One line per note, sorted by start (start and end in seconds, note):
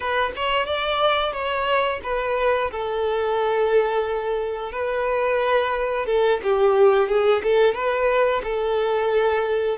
0.00 0.32 B4
0.36 0.66 C#5
0.66 1.32 D5
1.32 2.00 C#5
2.03 2.70 B4
2.71 4.72 A4
4.72 6.06 B4
6.06 6.40 A4
6.43 7.08 G4
7.08 7.42 G#4
7.43 7.74 A4
7.74 8.41 B4
8.43 9.78 A4